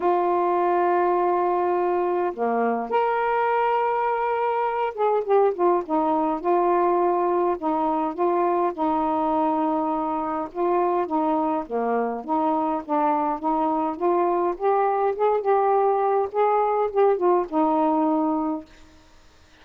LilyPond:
\new Staff \with { instrumentName = "saxophone" } { \time 4/4 \tempo 4 = 103 f'1 | ais4 ais'2.~ | ais'8 gis'8 g'8 f'8 dis'4 f'4~ | f'4 dis'4 f'4 dis'4~ |
dis'2 f'4 dis'4 | ais4 dis'4 d'4 dis'4 | f'4 g'4 gis'8 g'4. | gis'4 g'8 f'8 dis'2 | }